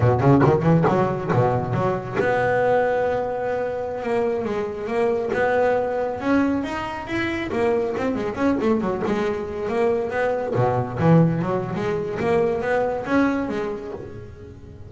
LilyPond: \new Staff \with { instrumentName = "double bass" } { \time 4/4 \tempo 4 = 138 b,8 cis8 dis8 e8 fis4 b,4 | fis4 b2.~ | b4~ b16 ais4 gis4 ais8.~ | ais16 b2 cis'4 dis'8.~ |
dis'16 e'4 ais4 c'8 gis8 cis'8 a16~ | a16 fis8 gis4. ais4 b8.~ | b16 b,4 e4 fis8. gis4 | ais4 b4 cis'4 gis4 | }